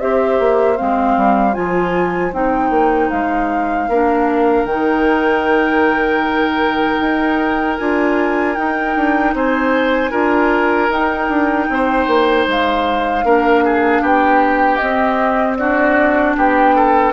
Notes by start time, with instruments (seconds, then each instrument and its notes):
0.00 bassoon C4, clarinet G4, oboe C5, flute E5
0.40 bassoon A#3
0.77 bassoon G#3, clarinet C4, flute F5
1.17 bassoon G3
1.54 bassoon F3, clarinet F4, flute G#5
2.33 bassoon C4, clarinet D#4, flute G5
2.70 bassoon A#3
3.11 bassoon G#3, flute F5
3.89 bassoon A#3, clarinet D4, oboe A#4
4.65 bassoon D#3, clarinet D#4, flute G5
7.01 bassoon D#4
7.78 bassoon D4, clarinet F4, flute G#5
8.56 clarinet D#4, bassoon D#4, flute G5
8.97 bassoon D4
9.34 bassoon C4, oboe C5, flute G#5
10.11 bassoon D4, clarinet F4, oboe A#4
10.90 bassoon D#4, clarinet D#4, flute G5
11.29 bassoon D4
11.70 bassoon C4, oboe C5
12.07 bassoon A#3
12.48 bassoon G#3, flute F5
13.25 bassoon A#3, clarinet D4, oboe A#4
13.65 oboe G#4
14.02 bassoon B3, oboe G4, flute G5
14.77 clarinet C4, bassoon C4, flute D#5
15.57 clarinet D4, oboe F#4, flute D5
16.37 bassoon B3, oboe G4, flute G5
16.76 oboe A4